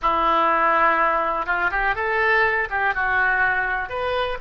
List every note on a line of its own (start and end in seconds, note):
0.02 1.46 E4
1.46 1.70 F4
1.71 1.95 G4
1.95 2.68 A4
2.70 2.94 G4
2.94 3.89 F#4
3.89 4.38 B4